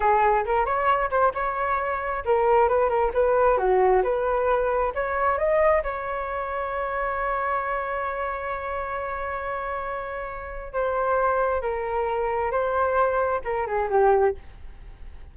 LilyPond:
\new Staff \with { instrumentName = "flute" } { \time 4/4 \tempo 4 = 134 gis'4 ais'8 cis''4 c''8 cis''4~ | cis''4 ais'4 b'8 ais'8 b'4 | fis'4 b'2 cis''4 | dis''4 cis''2.~ |
cis''1~ | cis''1 | c''2 ais'2 | c''2 ais'8 gis'8 g'4 | }